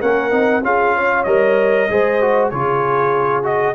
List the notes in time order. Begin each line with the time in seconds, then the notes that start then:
0.00 A#3 C#4 A#4 F#5
0.30 C4 D#4
0.62 C#4 F4 G#4 F5
0.96 C#5
1.24 G3 A#4 D#5
1.90 G#3 G#4 C5
2.21 F#4
2.49 C#3 F4 G#4 C#5
3.43 F#4 D#5